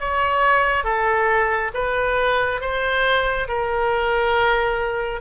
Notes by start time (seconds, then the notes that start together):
0.00 C#5
0.84 A4
1.74 B4
2.61 C5
3.48 A#4